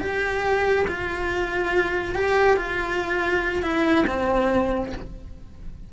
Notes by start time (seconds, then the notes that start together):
0.00 G4
0.87 F4
2.15 G4
2.56 F4
3.62 E4
4.07 C4